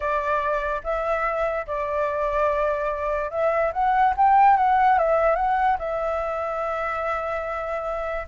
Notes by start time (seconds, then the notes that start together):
0.00 D5
0.83 E5
1.66 D5
3.30 E5
3.72 F#5
4.17 G5
4.56 F#5
4.98 E5
5.35 F#5
5.78 E5